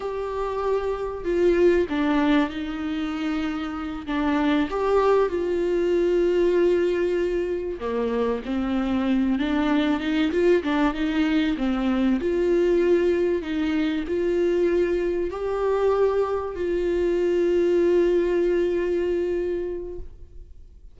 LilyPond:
\new Staff \with { instrumentName = "viola" } { \time 4/4 \tempo 4 = 96 g'2 f'4 d'4 | dis'2~ dis'8 d'4 g'8~ | g'8 f'2.~ f'8~ | f'8 ais4 c'4. d'4 |
dis'8 f'8 d'8 dis'4 c'4 f'8~ | f'4. dis'4 f'4.~ | f'8 g'2 f'4.~ | f'1 | }